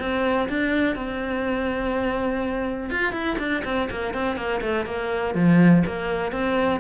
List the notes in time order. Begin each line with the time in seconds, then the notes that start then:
0.00 C4
0.49 D4
0.96 C4
2.90 F4
3.13 E4
3.39 D4
3.65 C4
3.91 A#3
4.14 C4
4.36 A#3
4.62 A3
4.86 A#3
5.35 F3
5.86 A#3
6.32 C4